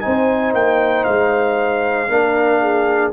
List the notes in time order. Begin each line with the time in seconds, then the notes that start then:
0.00 C4 D#4 C5 G#5
0.53 A#3 G5
1.04 G#3 F5
2.08 A#3 D4 A#4
2.61 G#4